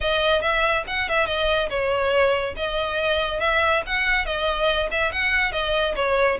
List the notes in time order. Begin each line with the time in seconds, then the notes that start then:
0.00 D#5
0.41 E5
0.87 F#5
1.09 E5
1.26 D#5
1.69 C#5
2.56 D#5
3.39 E5
3.86 F#5
4.25 D#5
4.91 E5
5.12 F#5
5.52 D#5
5.95 C#5